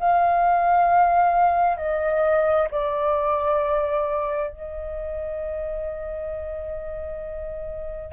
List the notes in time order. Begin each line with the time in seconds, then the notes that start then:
0.00 F5
1.78 D#5
2.71 D5
4.51 D#5